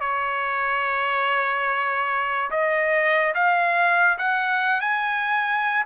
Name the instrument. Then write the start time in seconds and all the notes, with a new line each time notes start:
trumpet
0.00 C#5
2.51 D#5
3.34 F5
4.18 F#5
4.80 G#5